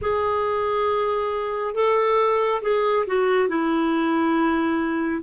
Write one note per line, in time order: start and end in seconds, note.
0.01 1.74 G#4
1.74 2.61 A4
2.62 3.05 G#4
3.07 3.48 F#4
3.48 5.22 E4